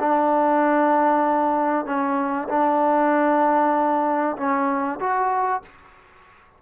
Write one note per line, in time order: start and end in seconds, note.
0.00 1.86 D4
1.86 2.49 C#4
2.49 4.37 D4
4.37 5.00 C#4
5.00 5.62 F#4